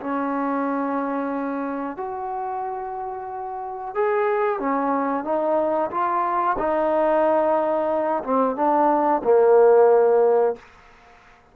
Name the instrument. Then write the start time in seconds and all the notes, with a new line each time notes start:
trombone
0.00 C#4
1.97 F#4
3.95 G#4
4.59 C#4
5.24 D#4
5.91 F4
6.58 D#4
8.24 C4
8.56 D4
9.24 A#3